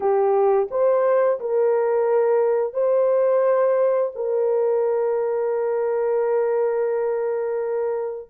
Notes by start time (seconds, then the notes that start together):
0.00 G4
0.71 C5
1.39 A#4
2.73 C5
4.15 A#4